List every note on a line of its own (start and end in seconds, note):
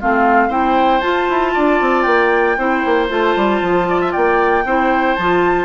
0.00 0.48 A3
0.00 0.50 C4
0.00 0.48 F4
0.00 0.52 F5
0.48 1.00 C4
0.48 1.02 E4
0.48 1.52 C5
0.48 1.00 G5
1.00 1.27 F4
1.00 2.57 F4
1.00 2.02 A5
1.29 1.55 E4
1.54 1.80 D4
1.54 2.57 D5
1.80 2.06 C4
2.02 2.57 A#3
2.02 3.06 G5
2.57 2.83 C4
2.57 3.09 E4
2.57 3.88 C5
2.85 3.09 A#3
3.09 3.35 A3
3.09 4.64 F4
3.09 4.12 A5
3.36 3.61 G3
3.61 4.13 F3
3.88 4.01 D5
4.01 4.12 E5
4.12 4.64 A#3
4.12 4.63 D5
4.12 5.15 G5
4.64 5.16 C4
4.64 5.19 E4
4.64 5.65 C5
5.15 5.65 F3
5.15 5.65 F4
5.15 5.65 A5